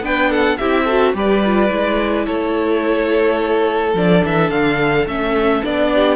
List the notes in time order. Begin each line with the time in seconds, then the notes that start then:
0.00 B3 D4 B4 G5
0.30 A4 F#5
0.57 C4 E4 G4 E5
0.84 F#4 A4
1.14 G3 G4 B4 D5
1.45 F4
1.70 G#3 E4
2.25 A3 A4 C#5
3.94 F3 D4 D5
4.24 E3 E5
4.50 D3 F5
5.06 A3 C#4 E5
5.63 B3 D4 D5
5.94 G4